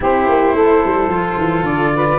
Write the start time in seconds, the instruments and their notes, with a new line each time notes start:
0.00 tuba C4, cello E4, saxophone G4, flute C5
0.28 tuba A#3
0.54 tuba A3, saxophone A4
0.85 tuba G3
1.08 tuba F3, cello F4
1.37 tuba E3
1.62 tuba D3, flute D5
1.95 saxophone B4